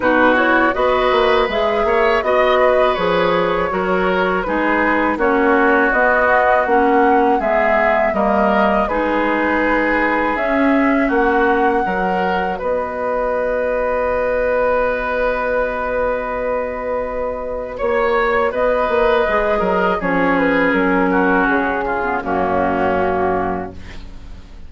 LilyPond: <<
  \new Staff \with { instrumentName = "flute" } { \time 4/4 \tempo 4 = 81 b'8 cis''8 dis''4 e''4 dis''4 | cis''2 b'4 cis''4 | dis''4 fis''4 e''4 dis''4 | b'2 e''4 fis''4~ |
fis''4 dis''2.~ | dis''1 | cis''4 dis''2 cis''8 b'8 | ais'4 gis'4 fis'2 | }
  \new Staff \with { instrumentName = "oboe" } { \time 4/4 fis'4 b'4. cis''8 dis''8 b'8~ | b'4 ais'4 gis'4 fis'4~ | fis'2 gis'4 ais'4 | gis'2. fis'4 |
ais'4 b'2.~ | b'1 | cis''4 b'4. ais'8 gis'4~ | gis'8 fis'4 f'8 cis'2 | }
  \new Staff \with { instrumentName = "clarinet" } { \time 4/4 dis'8 e'8 fis'4 gis'4 fis'4 | gis'4 fis'4 dis'4 cis'4 | b4 cis'4 b4 ais4 | dis'2 cis'2 |
fis'1~ | fis'1~ | fis'2 gis'4 cis'4~ | cis'4.~ cis'16 b16 ais2 | }
  \new Staff \with { instrumentName = "bassoon" } { \time 4/4 b,4 b8 ais8 gis8 ais8 b4 | f4 fis4 gis4 ais4 | b4 ais4 gis4 g4 | gis2 cis'4 ais4 |
fis4 b2.~ | b1 | ais4 b8 ais8 gis8 fis8 f4 | fis4 cis4 fis,2 | }
>>